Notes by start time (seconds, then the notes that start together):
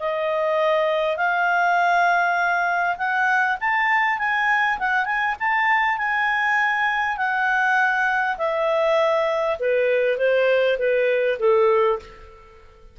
0.00 D#5
1.17 F5
2.98 F#5
3.61 A5
4.19 G#5
4.79 F#5
5.06 G#5
5.40 A5
5.98 G#5
7.17 F#5
8.38 E5
9.60 B4
10.18 C5
10.79 B4
11.39 A4